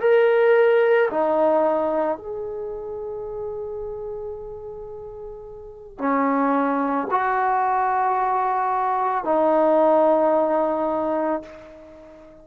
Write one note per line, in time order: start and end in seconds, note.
0.00 1.09 A#4
1.11 2.17 D#4
2.17 5.99 G#4
5.99 7.08 C#4
7.11 9.24 F#4
9.24 11.42 D#4